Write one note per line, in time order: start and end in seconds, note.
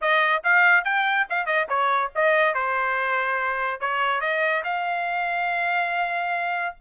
0.01 0.43 D#5
0.43 0.84 F5
0.84 1.26 G5
1.29 1.46 F5
1.46 1.67 D#5
1.68 2.11 C#5
2.15 2.54 D#5
2.54 3.80 C5
3.80 4.20 C#5
4.20 4.63 D#5
4.63 6.75 F5